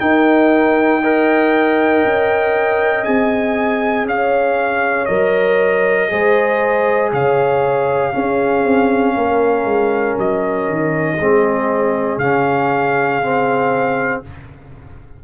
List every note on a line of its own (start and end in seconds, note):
0.00 1.02 D#4
0.00 2.05 D#4
0.00 1.02 A#4
0.00 3.05 G5
1.02 3.05 A#4
1.02 4.07 D#5
2.05 3.07 C#4
3.05 4.06 C4
3.05 5.08 G#4
3.05 4.06 G#5
4.06 5.07 C#4
4.06 6.11 C#5
4.06 5.06 F5
5.06 6.11 F#3
5.06 6.09 A#4
5.06 7.09 D#5
6.09 7.12 G#3
6.09 8.12 G#4
6.09 7.13 C5
7.12 8.14 C#3
7.12 8.13 C#5
7.12 10.19 F5
8.12 11.18 C#4
8.12 8.64 C#4
8.12 9.15 G#4
8.64 9.15 C4
9.15 9.65 A#3
9.15 11.18 A#4
9.65 10.16 G#3
10.18 10.68 F#3
10.18 12.19 D#5
10.69 11.19 D#3
11.18 12.18 G#3
11.18 12.21 C4
11.18 14.24 G#4
12.18 14.21 C#3
12.18 13.22 C#4
12.18 14.22 F5
13.22 14.24 C4